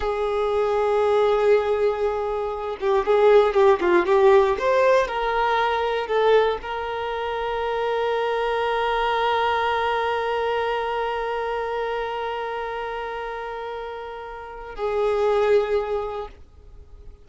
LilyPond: \new Staff \with { instrumentName = "violin" } { \time 4/4 \tempo 4 = 118 gis'1~ | gis'4. g'8 gis'4 g'8 f'8 | g'4 c''4 ais'2 | a'4 ais'2.~ |
ais'1~ | ais'1~ | ais'1~ | ais'4 gis'2. | }